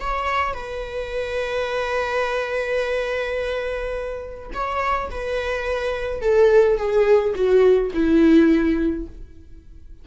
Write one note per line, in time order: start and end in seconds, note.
0.00 0.54 C#5
0.54 4.50 B4
4.54 5.10 C#5
5.10 6.21 B4
6.21 6.78 A4
6.78 7.34 G#4
7.35 7.92 F#4
7.94 9.07 E4